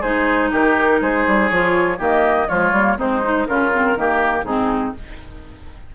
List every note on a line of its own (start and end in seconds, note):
0.00 0.51 G#3
0.00 1.51 D#4
0.00 0.49 G#4
0.00 0.50 C5
0.51 1.01 D#3
0.51 1.00 G4
0.51 1.02 A#4
1.01 1.25 G#3
1.01 1.98 G#4
1.01 1.48 C5
1.26 1.50 G3
1.48 1.99 F3
1.48 1.99 F4
1.48 1.97 C#5
1.98 2.48 D#3
1.98 2.48 A#3
1.98 2.47 G4
1.98 2.48 D#5
2.48 2.71 F3
2.48 2.73 G#3
2.48 2.97 F4
2.48 2.97 C#5
2.71 2.96 G3
2.71 2.97 A#3
2.97 3.47 G#3
2.97 3.22 C4
2.97 3.47 D#4
2.97 3.46 C5
3.22 3.47 D#4
3.46 3.96 C#3
3.46 3.72 C#4
3.46 3.98 F4
3.46 4.44 A#4
3.72 3.96 C4
3.96 4.42 D#3
3.96 4.46 A#3
3.96 4.45 G4
4.42 4.92 G#2
4.42 4.95 C4
4.42 4.94 D#4
4.42 4.93 G#4